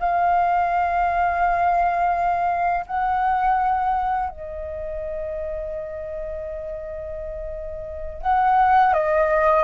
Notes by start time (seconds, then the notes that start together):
0.00 F5
2.87 F#5
4.30 D#5
8.22 F#5
8.94 D#5